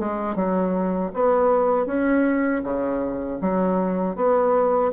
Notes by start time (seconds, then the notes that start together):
0.00 G#3
0.36 F#3
1.14 B3
1.87 C#4
2.64 C#3
3.42 F#3
4.16 B3